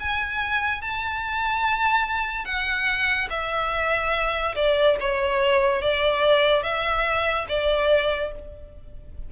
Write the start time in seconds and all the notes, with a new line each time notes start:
0.00 G#5
0.81 A5
2.45 F#5
3.30 E5
4.55 D5
5.00 C#5
5.82 D5
6.63 E5
7.49 D5